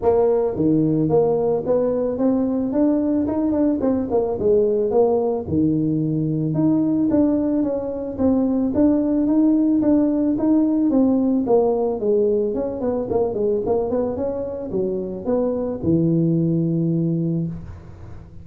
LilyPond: \new Staff \with { instrumentName = "tuba" } { \time 4/4 \tempo 4 = 110 ais4 dis4 ais4 b4 | c'4 d'4 dis'8 d'8 c'8 ais8 | gis4 ais4 dis2 | dis'4 d'4 cis'4 c'4 |
d'4 dis'4 d'4 dis'4 | c'4 ais4 gis4 cis'8 b8 | ais8 gis8 ais8 b8 cis'4 fis4 | b4 e2. | }